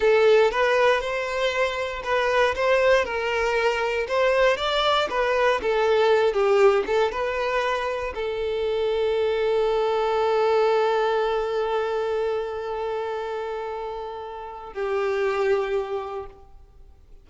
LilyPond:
\new Staff \with { instrumentName = "violin" } { \time 4/4 \tempo 4 = 118 a'4 b'4 c''2 | b'4 c''4 ais'2 | c''4 d''4 b'4 a'4~ | a'8 g'4 a'8 b'2 |
a'1~ | a'1~ | a'1~ | a'4 g'2. | }